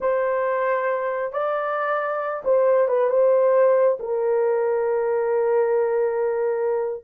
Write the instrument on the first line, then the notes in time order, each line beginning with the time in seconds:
horn
0.00 C5
1.32 D5
2.44 C5
2.87 B4
3.09 C5
3.99 A#4